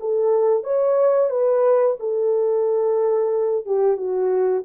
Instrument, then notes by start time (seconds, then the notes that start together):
horn
0.00 A4
0.64 C#5
1.30 B4
2.00 A4
3.65 G4
3.97 F#4